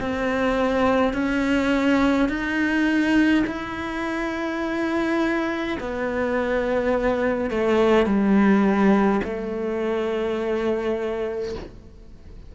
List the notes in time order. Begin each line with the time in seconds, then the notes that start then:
0.00 C4
1.13 C#4
2.29 D#4
3.47 E4
5.80 B3
7.51 A3
8.06 G3
9.24 A3